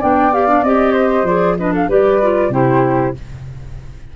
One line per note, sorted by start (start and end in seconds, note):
0.00 0.63 B3
0.00 0.32 D4
0.00 0.93 D5
0.00 0.34 G5
0.33 0.48 G4
0.33 0.64 F5
0.48 0.64 D4
0.63 1.24 C4
0.63 1.27 G4
0.63 1.26 D#5
0.93 1.55 C5
1.24 1.86 F3
1.24 1.58 G#4
1.24 1.58 D5
1.58 1.89 D4
1.58 1.73 B4
1.58 1.74 D#5
1.73 1.88 A4
1.73 1.91 F5
1.89 2.49 G3
1.89 2.21 G4
1.89 2.51 B4
1.89 2.54 D5
2.22 2.52 F4
2.49 3.12 C3
2.49 3.14 E4
2.49 3.15 G4
2.49 3.16 C5